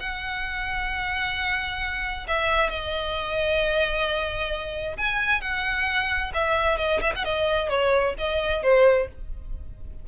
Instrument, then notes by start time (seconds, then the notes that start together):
violin
0.00 F#5
2.28 E5
2.70 D#5
4.98 G#5
5.42 F#5
6.35 E5
6.78 D#5
7.02 E5
7.16 F#5
7.25 D#5
7.70 C#5
8.18 D#5
8.63 C5